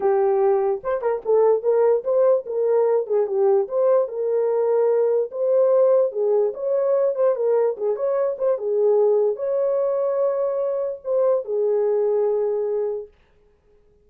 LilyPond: \new Staff \with { instrumentName = "horn" } { \time 4/4 \tempo 4 = 147 g'2 c''8 ais'8 a'4 | ais'4 c''4 ais'4. gis'8 | g'4 c''4 ais'2~ | ais'4 c''2 gis'4 |
cis''4. c''8 ais'4 gis'8 cis''8~ | cis''8 c''8 gis'2 cis''4~ | cis''2. c''4 | gis'1 | }